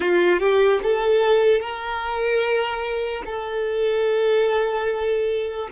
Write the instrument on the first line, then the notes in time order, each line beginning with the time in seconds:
violin
0.00 F4
0.39 G4
0.83 A4
1.60 A#4
3.25 A4